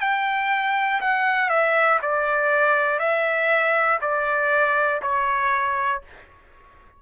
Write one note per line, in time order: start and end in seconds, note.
0.00 1.00 G5
1.00 1.49 F#5
1.49 1.99 E5
2.02 2.99 D5
2.99 3.99 E5
4.00 5.00 D5
5.01 6.01 C#5